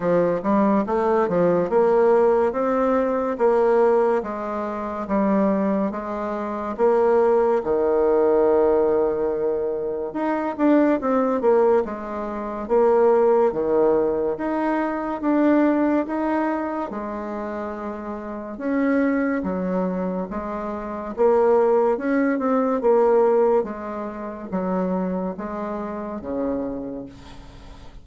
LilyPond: \new Staff \with { instrumentName = "bassoon" } { \time 4/4 \tempo 4 = 71 f8 g8 a8 f8 ais4 c'4 | ais4 gis4 g4 gis4 | ais4 dis2. | dis'8 d'8 c'8 ais8 gis4 ais4 |
dis4 dis'4 d'4 dis'4 | gis2 cis'4 fis4 | gis4 ais4 cis'8 c'8 ais4 | gis4 fis4 gis4 cis4 | }